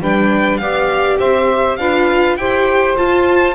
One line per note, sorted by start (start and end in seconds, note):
0.00 0.59 G3
0.00 0.61 D4
0.00 0.60 B4
0.00 0.57 G5
0.57 1.18 B3
0.57 1.80 G4
0.57 1.19 D5
0.57 1.17 F5
1.19 1.78 C4
1.19 1.78 C5
1.19 1.77 E5
1.77 2.36 D4
1.77 2.39 F4
1.77 2.38 B4
1.77 2.36 F5
2.36 2.95 E4
2.36 2.96 G4
2.36 3.55 C5
2.36 2.95 G5
2.96 3.55 F4
2.96 3.55 A5